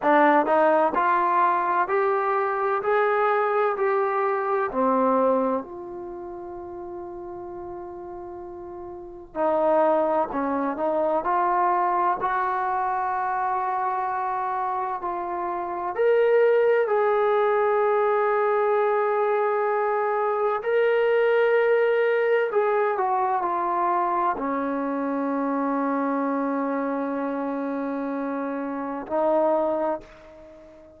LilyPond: \new Staff \with { instrumentName = "trombone" } { \time 4/4 \tempo 4 = 64 d'8 dis'8 f'4 g'4 gis'4 | g'4 c'4 f'2~ | f'2 dis'4 cis'8 dis'8 | f'4 fis'2. |
f'4 ais'4 gis'2~ | gis'2 ais'2 | gis'8 fis'8 f'4 cis'2~ | cis'2. dis'4 | }